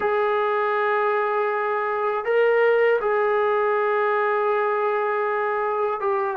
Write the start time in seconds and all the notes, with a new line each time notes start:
0.00 G#4
2.24 A#4
3.00 G#4
6.00 G4